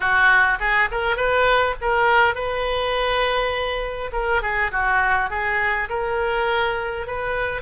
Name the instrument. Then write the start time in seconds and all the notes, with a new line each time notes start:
oboe
0.00 F#4
0.59 G#4
0.91 A#4
1.16 B4
1.81 A#4
2.34 B4
4.12 A#4
4.41 G#4
4.71 F#4
5.30 G#4
5.89 A#4
7.06 B4